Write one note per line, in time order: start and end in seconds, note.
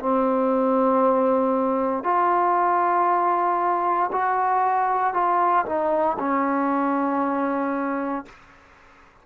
0.00 2.04 C4
2.04 4.11 F4
4.12 5.14 F#4
5.14 5.66 F4
5.66 6.18 D#4
6.19 8.26 C#4